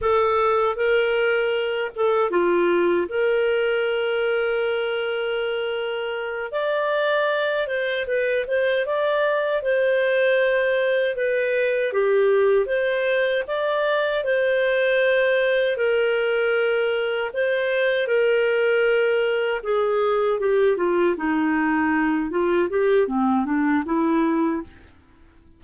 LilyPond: \new Staff \with { instrumentName = "clarinet" } { \time 4/4 \tempo 4 = 78 a'4 ais'4. a'8 f'4 | ais'1~ | ais'8 d''4. c''8 b'8 c''8 d''8~ | d''8 c''2 b'4 g'8~ |
g'8 c''4 d''4 c''4.~ | c''8 ais'2 c''4 ais'8~ | ais'4. gis'4 g'8 f'8 dis'8~ | dis'4 f'8 g'8 c'8 d'8 e'4 | }